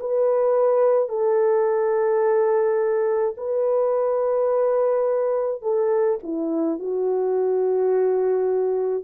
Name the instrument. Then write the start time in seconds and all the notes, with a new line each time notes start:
horn
0.00 B4
1.09 A4
3.37 B4
5.62 A4
6.23 E4
6.79 F#4